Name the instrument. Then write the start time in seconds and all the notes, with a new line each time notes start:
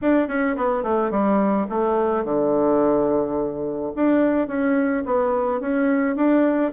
bassoon
0.01 D4
0.28 C#4
0.56 B3
0.83 A3
1.10 G3
1.69 A3
2.24 D3
3.95 D4
4.47 C#4
5.05 B3
5.60 C#4
6.16 D4